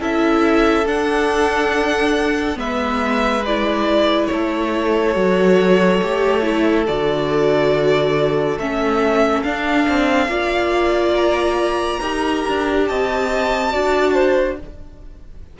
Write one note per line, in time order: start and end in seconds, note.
0.00 0.86 C#4
0.00 0.86 E4
0.00 2.58 A4
0.00 0.88 E5
0.86 2.57 D4
0.86 2.56 D4
0.86 2.59 F#5
2.56 4.28 G#3
2.56 3.42 B3
2.56 4.30 B4
2.56 3.45 E5
3.46 5.14 E4
3.46 4.26 D5
4.26 5.16 A3
4.26 6.83 C#5
4.33 10.30 A4
5.14 6.01 F#3
5.14 6.00 F#4
6.02 6.88 A3
6.02 6.42 G4
6.42 6.85 E4
6.87 8.58 D3
6.87 8.59 F#4
6.87 8.58 D5
8.58 9.43 A3
8.58 9.45 C#4
8.58 9.43 E5
9.43 9.87 D4
9.43 10.29 D4
9.43 11.15 F5
9.89 10.28 C4
10.28 12.00 A#3
10.28 12.00 F4
10.28 12.01 D5
11.17 12.87 A#5
12.01 12.44 D#4
12.01 13.71 G4
12.01 12.86 A#4
12.48 12.90 D4
12.87 13.74 C4
12.87 13.72 D#5
12.87 14.59 A5
13.71 14.60 D4
13.71 14.57 F#4
13.71 14.14 D5
14.14 14.57 C5